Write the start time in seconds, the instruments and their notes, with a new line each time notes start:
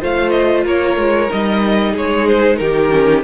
0.00 cello A3, viola F4, violin C5 F5
0.30 violin D#5
0.65 cello A#3, violin A#4 C#5
0.97 cello G#3
1.30 cello G3, viola D#4, violin D#5
1.92 cello G#3, violin G#4 C#5
2.28 violin C5
2.57 cello D#3, violin G4 A#4
2.91 viola C#4